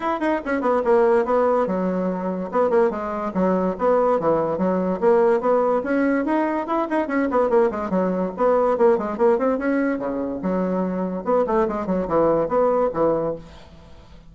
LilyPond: \new Staff \with { instrumentName = "bassoon" } { \time 4/4 \tempo 4 = 144 e'8 dis'8 cis'8 b8 ais4 b4 | fis2 b8 ais8 gis4 | fis4 b4 e4 fis4 | ais4 b4 cis'4 dis'4 |
e'8 dis'8 cis'8 b8 ais8 gis8 fis4 | b4 ais8 gis8 ais8 c'8 cis'4 | cis4 fis2 b8 a8 | gis8 fis8 e4 b4 e4 | }